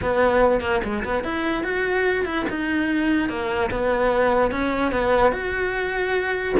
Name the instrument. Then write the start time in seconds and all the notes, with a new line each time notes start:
cello
0.02 B3
0.61 A#3
0.83 G#3
1.04 B3
1.24 E4
1.63 F#4
2.25 E4
2.49 D#4
3.29 A#3
3.70 B3
4.51 C#4
4.91 B3
5.31 F#4